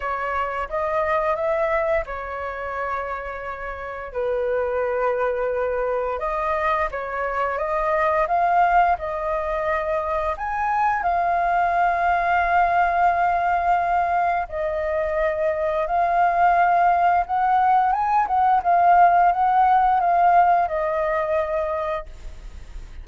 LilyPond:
\new Staff \with { instrumentName = "flute" } { \time 4/4 \tempo 4 = 87 cis''4 dis''4 e''4 cis''4~ | cis''2 b'2~ | b'4 dis''4 cis''4 dis''4 | f''4 dis''2 gis''4 |
f''1~ | f''4 dis''2 f''4~ | f''4 fis''4 gis''8 fis''8 f''4 | fis''4 f''4 dis''2 | }